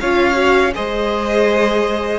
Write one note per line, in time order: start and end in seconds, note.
0.00 0.74 C#4
0.00 0.34 F4
0.00 0.73 C#5
0.00 0.73 F5
0.34 0.70 F#4
0.74 2.19 G#3
0.74 2.19 G#4
0.74 2.19 C5
0.74 2.19 D#5